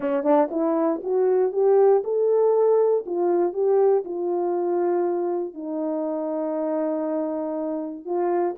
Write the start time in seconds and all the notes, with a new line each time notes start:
0.00 C#4
0.23 D4
0.50 E4
1.03 F#4
1.52 G4
2.04 A4
3.05 F4
3.53 G4
4.04 F4
5.53 D#4
8.05 F4